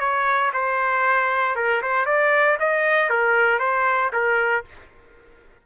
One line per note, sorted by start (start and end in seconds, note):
0.00 0.52 C#5
0.54 1.56 C5
1.56 1.82 A#4
1.82 2.06 C5
2.06 2.58 D5
2.60 3.10 D#5
3.10 3.60 A#4
3.60 4.11 C5
4.13 4.65 A#4